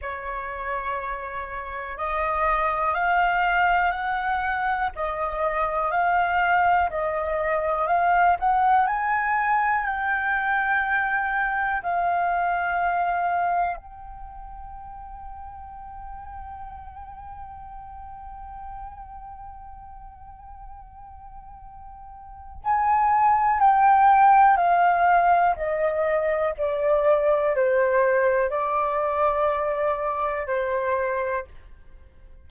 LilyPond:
\new Staff \with { instrumentName = "flute" } { \time 4/4 \tempo 4 = 61 cis''2 dis''4 f''4 | fis''4 dis''4 f''4 dis''4 | f''8 fis''8 gis''4 g''2 | f''2 g''2~ |
g''1~ | g''2. gis''4 | g''4 f''4 dis''4 d''4 | c''4 d''2 c''4 | }